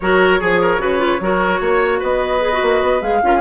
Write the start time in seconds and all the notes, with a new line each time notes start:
0.00 F#3 F#4 A#4 C#5
0.39 F3 G#4
0.61 A#4
0.78 C#3 F#4 B4
0.98 F4
1.20 F#3 F#4 A#4
1.60 A#3 C#5
1.99 B3 B4 D#5
2.41 G#4
2.52 F#4
2.61 A#3
2.82 B3
3.01 G#3 G#4 F5
3.22 C#4 F4 A#4
3.34 G#4